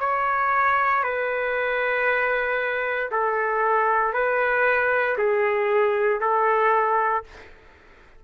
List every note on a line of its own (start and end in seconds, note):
0.00 1.03 C#5
1.03 3.10 B4
3.12 4.14 A4
4.14 5.17 B4
5.18 6.21 G#4
6.21 7.25 A4